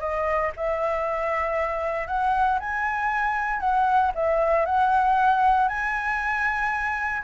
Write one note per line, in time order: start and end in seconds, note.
0.00 0.52 D#5
0.57 2.07 E5
2.07 2.59 F#5
2.60 3.60 G#5
3.60 4.11 F#5
4.15 4.66 E5
4.66 5.68 F#5
5.68 7.22 G#5